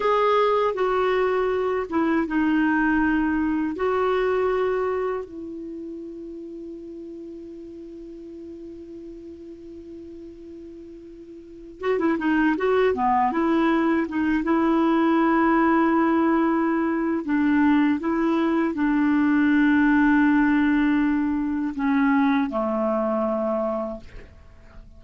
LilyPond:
\new Staff \with { instrumentName = "clarinet" } { \time 4/4 \tempo 4 = 80 gis'4 fis'4. e'8 dis'4~ | dis'4 fis'2 e'4~ | e'1~ | e'2.~ e'8. fis'16 |
e'16 dis'8 fis'8 b8 e'4 dis'8 e'8.~ | e'2. d'4 | e'4 d'2.~ | d'4 cis'4 a2 | }